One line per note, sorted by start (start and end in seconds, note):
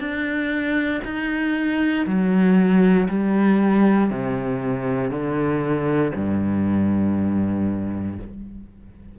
0.00 1.02 D4
1.04 2.06 D#4
2.07 3.08 F#3
3.09 4.10 G3
4.10 5.10 C3
5.10 6.12 D3
6.15 8.19 G2